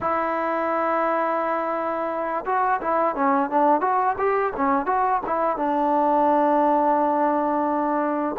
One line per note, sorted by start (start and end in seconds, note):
0.00 2.45 E4
2.45 2.80 F#4
2.81 3.15 E4
3.15 3.49 C#4
3.49 3.81 D4
3.81 4.15 F#4
4.18 4.53 G4
4.56 4.86 C#4
4.86 5.21 F#4
5.26 5.57 E4
5.57 8.36 D4